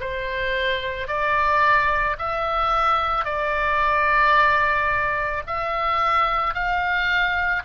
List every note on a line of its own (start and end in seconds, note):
0.00 1.07 C5
1.07 2.16 D5
2.18 3.24 E5
3.24 5.42 D5
5.46 6.54 E5
6.54 7.63 F5